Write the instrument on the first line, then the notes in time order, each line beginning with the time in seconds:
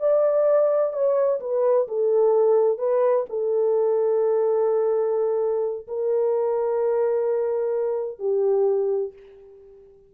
horn
0.00 D5
0.93 C#5
1.41 B4
1.88 A4
2.78 B4
3.30 A4
5.88 A#4
8.19 G4